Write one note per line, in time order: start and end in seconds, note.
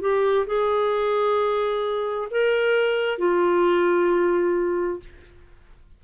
0.00 0.45 G4
0.46 2.28 G#4
2.30 3.18 A#4
3.18 5.00 F4